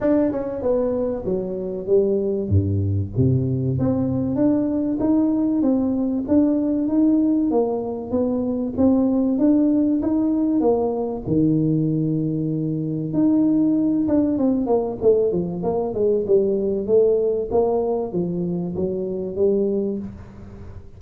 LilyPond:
\new Staff \with { instrumentName = "tuba" } { \time 4/4 \tempo 4 = 96 d'8 cis'8 b4 fis4 g4 | g,4 c4 c'4 d'4 | dis'4 c'4 d'4 dis'4 | ais4 b4 c'4 d'4 |
dis'4 ais4 dis2~ | dis4 dis'4. d'8 c'8 ais8 | a8 f8 ais8 gis8 g4 a4 | ais4 f4 fis4 g4 | }